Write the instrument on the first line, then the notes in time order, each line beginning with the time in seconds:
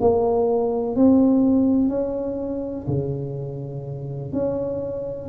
tuba
0.00 A#3
0.95 C4
1.89 C#4
2.87 C#3
4.32 C#4